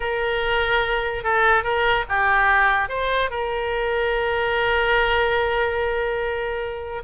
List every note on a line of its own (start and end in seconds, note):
0.00 1.23 A#4
1.23 1.63 A4
1.63 2.05 A#4
2.08 2.89 G4
2.89 3.30 C5
3.30 7.03 A#4